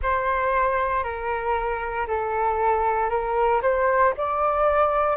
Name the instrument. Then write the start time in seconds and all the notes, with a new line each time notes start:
flute
0.02 C5
1.03 A#4
2.07 A4
3.09 A#4
3.62 C5
4.17 D5